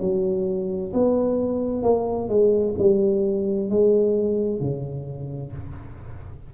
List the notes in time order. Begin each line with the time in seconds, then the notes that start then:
0.00 F#3
0.93 B3
1.82 A#3
2.28 G#3
2.78 G3
3.70 G#3
4.60 C#3